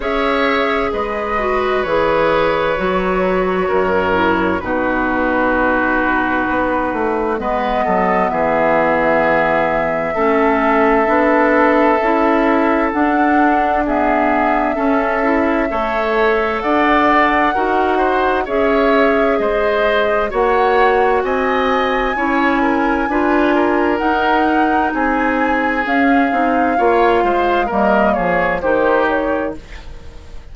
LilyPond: <<
  \new Staff \with { instrumentName = "flute" } { \time 4/4 \tempo 4 = 65 e''4 dis''4 cis''2~ | cis''4 b'2. | dis''4 e''2.~ | e''2 fis''4 e''4~ |
e''2 fis''2 | e''4 dis''4 fis''4 gis''4~ | gis''2 fis''4 gis''4 | f''2 dis''8 cis''8 c''8 cis''8 | }
  \new Staff \with { instrumentName = "oboe" } { \time 4/4 cis''4 b'2. | ais'4 fis'2. | b'8 a'8 gis'2 a'4~ | a'2. gis'4 |
a'4 cis''4 d''4 ais'8 c''8 | cis''4 c''4 cis''4 dis''4 | cis''8 ais'8 b'8 ais'4. gis'4~ | gis'4 cis''8 c''8 ais'8 gis'8 g'4 | }
  \new Staff \with { instrumentName = "clarinet" } { \time 4/4 gis'4. fis'8 gis'4 fis'4~ | fis'8 e'8 dis'2. | b2. cis'4 | d'4 e'4 d'4 b4 |
cis'8 e'8 a'2 fis'4 | gis'2 fis'2 | e'4 f'4 dis'2 | cis'8 dis'8 f'4 ais4 dis'4 | }
  \new Staff \with { instrumentName = "bassoon" } { \time 4/4 cis'4 gis4 e4 fis4 | fis,4 b,2 b8 a8 | gis8 fis8 e2 a4 | b4 cis'4 d'2 |
cis'4 a4 d'4 dis'4 | cis'4 gis4 ais4 c'4 | cis'4 d'4 dis'4 c'4 | cis'8 c'8 ais8 gis8 g8 f8 dis4 | }
>>